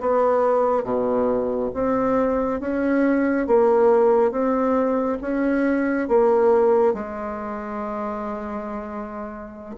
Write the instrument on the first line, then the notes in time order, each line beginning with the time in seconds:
bassoon
0.00 B3
0.83 B2
1.74 C4
2.60 C#4
3.47 A#3
4.31 C4
5.21 C#4
6.08 A#3
6.93 G#3